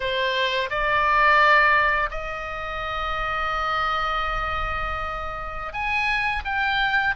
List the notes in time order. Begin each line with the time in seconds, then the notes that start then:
0.00 C5
0.70 D5
2.11 D#5
5.73 G#5
6.44 G5